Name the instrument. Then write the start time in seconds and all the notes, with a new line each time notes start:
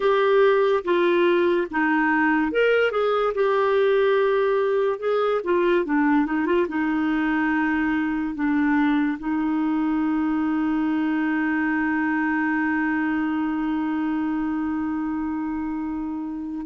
clarinet
0.00 G4
0.84 F4
1.70 D#4
2.51 A#4
2.91 G#4
3.34 G4
4.99 G#4
5.44 F4
5.85 D4
6.25 D#4
6.45 F4
6.68 D#4
8.34 D4
9.19 D#4